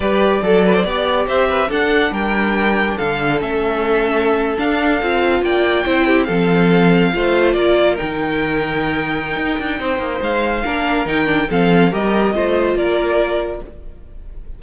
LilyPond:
<<
  \new Staff \with { instrumentName = "violin" } { \time 4/4 \tempo 4 = 141 d''2. e''4 | fis''4 g''2 f''4 | e''2~ e''8. f''4~ f''16~ | f''8. g''2 f''4~ f''16~ |
f''4.~ f''16 d''4 g''4~ g''16~ | g''1 | f''2 g''4 f''4 | dis''2 d''2 | }
  \new Staff \with { instrumentName = "violin" } { \time 4/4 b'4 a'8 b'16 c''16 d''4 c''8 b'8 | a'4 ais'2 a'4~ | a'1~ | a'8. d''4 c''8 g'8 a'4~ a'16~ |
a'8. c''4 ais'2~ ais'16~ | ais'2. c''4~ | c''4 ais'2 a'4 | ais'4 c''4 ais'2 | }
  \new Staff \with { instrumentName = "viola" } { \time 4/4 g'4 a'4 g'2 | d'1 | cis'2~ cis'8. d'4 f'16~ | f'4.~ f'16 e'4 c'4~ c'16~ |
c'8. f'2 dis'4~ dis'16~ | dis'1~ | dis'4 d'4 dis'8 d'8 c'4 | g'4 f'2. | }
  \new Staff \with { instrumentName = "cello" } { \time 4/4 g4 fis4 b4 c'4 | d'4 g2 d4 | a2~ a8. d'4 c'16~ | c'8. ais4 c'4 f4~ f16~ |
f8. a4 ais4 dis4~ dis16~ | dis2 dis'8 d'8 c'8 ais8 | gis4 ais4 dis4 f4 | g4 a4 ais2 | }
>>